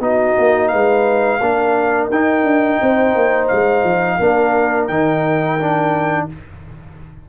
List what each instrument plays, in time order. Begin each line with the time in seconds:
0.00 tuba B3, trombone D#4, horn F#4, trumpet D#5
0.39 tuba A#3
0.69 tuba G#3, horn B4, trumpet F5
1.41 tuba A#3, trombone D4, horn A#4
2.10 tuba D#4, trombone D#4, trumpet G5
2.44 tuba D4
2.82 tuba C4, horn C5
3.16 tuba A#3
3.48 tuba G#3, trumpet F5
3.84 tuba F3
4.18 tuba A#3, trombone D4, horn A#4
4.88 tuba D#3, trombone D#4, trumpet G5
5.60 trombone D4